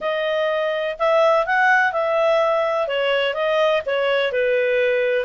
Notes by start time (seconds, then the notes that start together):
0.00 D#5
0.98 E5
1.46 F#5
1.92 E5
2.87 C#5
3.33 D#5
3.86 C#5
4.32 B4